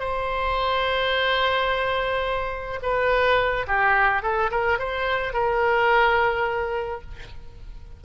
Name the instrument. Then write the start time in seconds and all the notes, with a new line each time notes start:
oboe
0.00 C5
2.83 B4
3.67 G4
4.23 A4
4.51 A#4
4.79 C5
5.33 A#4